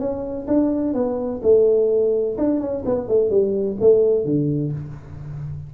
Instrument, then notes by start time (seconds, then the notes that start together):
tuba
0.00 C#4
0.48 D4
0.94 B3
1.43 A3
2.39 D4
2.61 C#4
2.86 B3
3.09 A3
3.31 G3
3.81 A3
4.25 D3